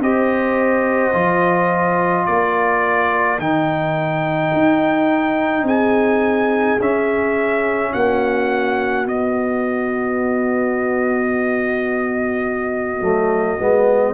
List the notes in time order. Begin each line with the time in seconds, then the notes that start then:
0.00 C4 G4 C5 D#5
1.13 F3 F4
2.26 A#3 A#4 D5
3.39 D#3 D#4 G5
4.54 D#4
5.63 C4 G#4 G#5
6.80 C#4 E5
7.93 A#3 F#4 F#5
9.06 B3 D#5
13.02 F#3 A3
13.59 G#3 B3